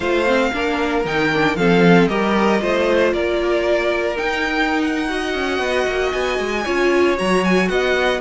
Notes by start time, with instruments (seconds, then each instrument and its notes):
0.00 cello A3, viola F4, violin C5 F5
0.26 viola C4
0.52 cello A#3, viola D4, violin A#4
1.05 cello D#3, viola D#4, violin G5
1.33 viola D4
1.55 cello F3, viola C4, violin A4 F5
2.07 cello G3, viola G4, violin A#4 D#5
2.59 cello A3, viola F4, violin C5
3.13 cello A#3, violin A#4 D5
4.16 viola D#4, cello D#4, violin G5
4.81 violin F#5
5.08 viola F#4, violin D#5
5.34 cello C#4
5.59 cello B3
5.86 cello A#3
6.12 cello B3, violin G#5
6.38 cello G#3
6.64 cello C#4, viola F4, violin C#5
7.16 cello F#3, viola F#4, violin A#5
7.44 violin G#5
7.68 cello B3, violin D#5 F#5